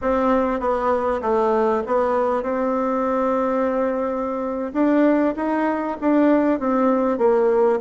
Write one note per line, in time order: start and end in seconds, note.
0.01 0.60 C4
0.60 1.21 B3
1.21 1.82 A3
1.86 2.42 B3
2.42 4.72 C4
4.73 5.34 D4
5.36 5.97 D#4
6.00 6.59 D4
6.59 7.18 C4
7.18 7.79 A#3